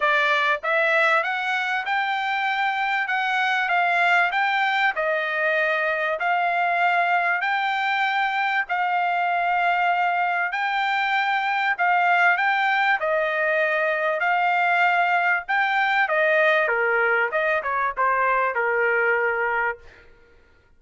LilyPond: \new Staff \with { instrumentName = "trumpet" } { \time 4/4 \tempo 4 = 97 d''4 e''4 fis''4 g''4~ | g''4 fis''4 f''4 g''4 | dis''2 f''2 | g''2 f''2~ |
f''4 g''2 f''4 | g''4 dis''2 f''4~ | f''4 g''4 dis''4 ais'4 | dis''8 cis''8 c''4 ais'2 | }